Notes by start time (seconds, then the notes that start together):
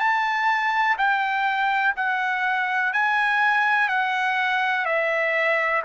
0.00 A5
0.98 G5
1.96 F#5
2.93 G#5
3.89 F#5
4.86 E5